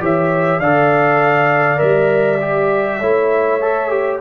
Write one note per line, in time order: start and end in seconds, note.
0.00 0.59 E3
0.00 0.60 G4
0.00 0.60 C#5
0.00 0.60 E5
0.59 1.79 D3
0.59 1.78 A4
0.59 3.00 D5
0.59 1.79 F5
1.78 3.01 G3
1.78 2.38 A#4
1.78 4.19 E5
2.41 3.01 G4
3.00 4.21 A3
3.00 3.61 E4
3.00 4.20 C#5
3.61 3.90 A4
3.90 4.20 G4